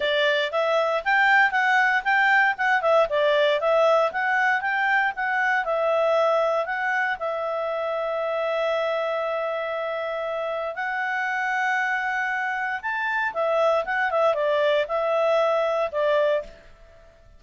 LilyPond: \new Staff \with { instrumentName = "clarinet" } { \time 4/4 \tempo 4 = 117 d''4 e''4 g''4 fis''4 | g''4 fis''8 e''8 d''4 e''4 | fis''4 g''4 fis''4 e''4~ | e''4 fis''4 e''2~ |
e''1~ | e''4 fis''2.~ | fis''4 a''4 e''4 fis''8 e''8 | d''4 e''2 d''4 | }